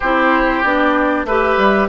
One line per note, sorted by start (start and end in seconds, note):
0.00 0.64 C4
0.00 0.64 E4
0.00 1.26 G4
0.00 0.63 C5
0.63 1.24 B3
0.63 1.27 D4
0.63 1.26 D5
1.24 1.56 A3
1.24 1.88 G4
1.24 1.88 B4
1.24 1.88 E5
1.57 1.88 G3